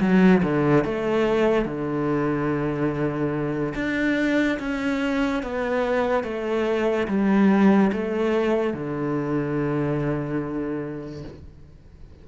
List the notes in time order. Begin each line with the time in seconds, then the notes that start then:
0.00 F#3
0.43 D3
0.84 A3
1.65 D3
3.75 D4
4.59 C#4
5.43 B3
6.23 A3
7.08 G3
7.92 A3
8.73 D3